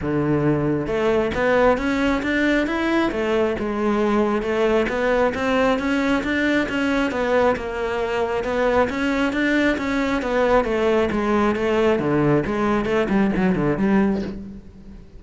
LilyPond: \new Staff \with { instrumentName = "cello" } { \time 4/4 \tempo 4 = 135 d2 a4 b4 | cis'4 d'4 e'4 a4 | gis2 a4 b4 | c'4 cis'4 d'4 cis'4 |
b4 ais2 b4 | cis'4 d'4 cis'4 b4 | a4 gis4 a4 d4 | gis4 a8 g8 fis8 d8 g4 | }